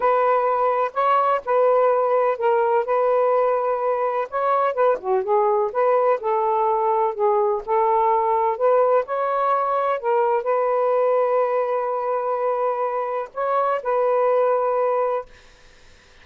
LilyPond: \new Staff \with { instrumentName = "saxophone" } { \time 4/4 \tempo 4 = 126 b'2 cis''4 b'4~ | b'4 ais'4 b'2~ | b'4 cis''4 b'8 fis'8 gis'4 | b'4 a'2 gis'4 |
a'2 b'4 cis''4~ | cis''4 ais'4 b'2~ | b'1 | cis''4 b'2. | }